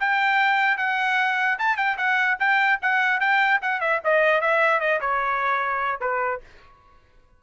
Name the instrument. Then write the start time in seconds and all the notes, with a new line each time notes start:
trumpet
0.00 G5
0.78 F#5
1.59 A5
1.77 G5
1.98 F#5
2.40 G5
2.82 F#5
3.20 G5
3.62 F#5
3.81 E5
4.05 D#5
4.41 E5
4.80 D#5
5.01 C#5
6.01 B4